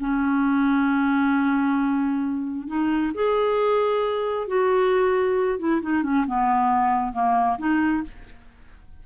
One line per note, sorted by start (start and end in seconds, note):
0.00 2.68 C#4
2.68 3.13 D#4
3.14 4.48 G#4
4.48 5.59 F#4
5.59 5.82 E4
5.82 6.03 D#4
6.03 6.26 C#4
6.27 7.13 B3
7.13 7.58 A#3
7.59 8.03 D#4